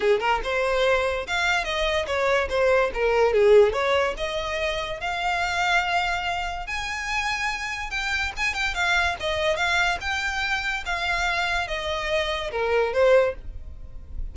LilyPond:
\new Staff \with { instrumentName = "violin" } { \time 4/4 \tempo 4 = 144 gis'8 ais'8 c''2 f''4 | dis''4 cis''4 c''4 ais'4 | gis'4 cis''4 dis''2 | f''1 |
gis''2. g''4 | gis''8 g''8 f''4 dis''4 f''4 | g''2 f''2 | dis''2 ais'4 c''4 | }